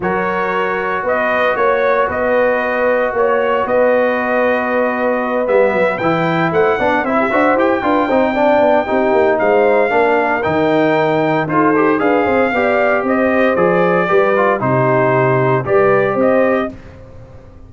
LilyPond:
<<
  \new Staff \with { instrumentName = "trumpet" } { \time 4/4 \tempo 4 = 115 cis''2 dis''4 cis''4 | dis''2 cis''4 dis''4~ | dis''2~ dis''8 e''4 g''8~ | g''8 fis''4 e''4 g''4.~ |
g''2 f''2 | g''2 c''4 f''4~ | f''4 dis''4 d''2 | c''2 d''4 dis''4 | }
  \new Staff \with { instrumentName = "horn" } { \time 4/4 ais'2 b'4 cis''4 | b'2 cis''4 b'4~ | b'1~ | b'8 c''8 d''8 c''16 g'16 c''4 b'8 c''8 |
d''4 g'4 c''4 ais'4~ | ais'2 a'4 b'8 c''8 | d''4 c''2 b'4 | g'2 b'4 c''4 | }
  \new Staff \with { instrumentName = "trombone" } { \time 4/4 fis'1~ | fis'1~ | fis'2~ fis'8 b4 e'8~ | e'4 d'8 e'8 fis'8 g'8 f'8 dis'8 |
d'4 dis'2 d'4 | dis'2 f'8 g'8 gis'4 | g'2 gis'4 g'8 f'8 | dis'2 g'2 | }
  \new Staff \with { instrumentName = "tuba" } { \time 4/4 fis2 b4 ais4 | b2 ais4 b4~ | b2~ b8 g8 fis8 e8~ | e8 a8 b8 c'8 d'8 e'8 d'8 c'8~ |
c'8 b8 c'8 ais8 gis4 ais4 | dis2 dis'4 d'8 c'8 | b4 c'4 f4 g4 | c2 g4 c'4 | }
>>